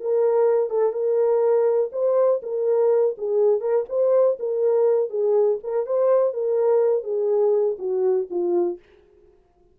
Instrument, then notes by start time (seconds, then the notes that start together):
horn
0.00 A#4
0.70 A4
0.92 A#4
1.92 C5
2.42 A#4
3.17 G#4
3.60 A#4
3.89 C5
4.39 A#4
5.09 G#4
5.63 A#4
5.86 C5
6.33 A#4
7.03 G#4
7.78 F#4
8.30 F4